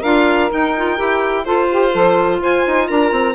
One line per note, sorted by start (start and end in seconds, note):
0.00 0.50 D4
0.00 0.50 F4
0.00 1.43 A#4
0.00 0.50 F5
0.50 0.74 D#4
0.50 0.99 D#4
0.50 1.44 G5
0.77 0.97 F4
0.97 1.46 E4
0.97 1.45 G4
1.44 3.35 F4
1.44 1.94 F4
1.44 1.69 A4
1.44 2.39 C5
1.69 1.92 G4
1.92 2.40 F3
1.92 2.40 A4
2.40 2.64 F4
2.40 2.87 C5
2.40 2.88 G#5
2.67 2.90 D#4
2.87 3.11 D4
2.87 3.35 A#4
2.87 3.35 A#5
3.11 3.35 C4